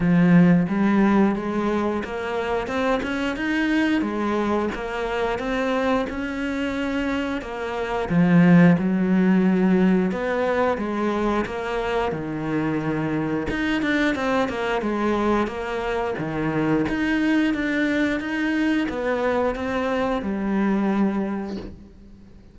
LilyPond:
\new Staff \with { instrumentName = "cello" } { \time 4/4 \tempo 4 = 89 f4 g4 gis4 ais4 | c'8 cis'8 dis'4 gis4 ais4 | c'4 cis'2 ais4 | f4 fis2 b4 |
gis4 ais4 dis2 | dis'8 d'8 c'8 ais8 gis4 ais4 | dis4 dis'4 d'4 dis'4 | b4 c'4 g2 | }